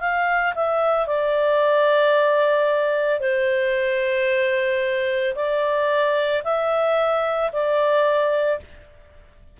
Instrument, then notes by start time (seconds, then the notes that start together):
clarinet
0.00 F5
0.55 E5
1.07 D5
3.20 C5
5.35 D5
6.44 E5
7.52 D5